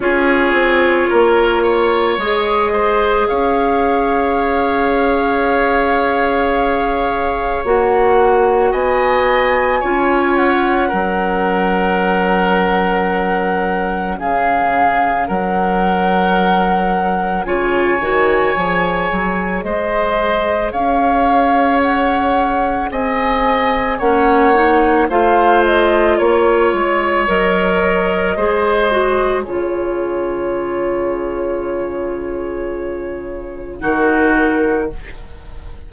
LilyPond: <<
  \new Staff \with { instrumentName = "flute" } { \time 4/4 \tempo 4 = 55 cis''2 dis''4 f''4~ | f''2. fis''4 | gis''4. fis''2~ fis''8~ | fis''4 f''4 fis''2 |
gis''2 dis''4 f''4 | fis''4 gis''4 fis''4 f''8 dis''8 | cis''4 dis''2 cis''4~ | cis''2. ais'4 | }
  \new Staff \with { instrumentName = "oboe" } { \time 4/4 gis'4 ais'8 cis''4 c''8 cis''4~ | cis''1 | dis''4 cis''4 ais'2~ | ais'4 gis'4 ais'2 |
cis''2 c''4 cis''4~ | cis''4 dis''4 cis''4 c''4 | cis''2 c''4 gis'4~ | gis'2. fis'4 | }
  \new Staff \with { instrumentName = "clarinet" } { \time 4/4 f'2 gis'2~ | gis'2. fis'4~ | fis'4 f'4 cis'2~ | cis'1 |
f'8 fis'8 gis'2.~ | gis'2 cis'8 dis'8 f'4~ | f'4 ais'4 gis'8 fis'8 f'4~ | f'2. dis'4 | }
  \new Staff \with { instrumentName = "bassoon" } { \time 4/4 cis'8 c'8 ais4 gis4 cis'4~ | cis'2. ais4 | b4 cis'4 fis2~ | fis4 cis4 fis2 |
cis8 dis8 f8 fis8 gis4 cis'4~ | cis'4 c'4 ais4 a4 | ais8 gis8 fis4 gis4 cis4~ | cis2. dis4 | }
>>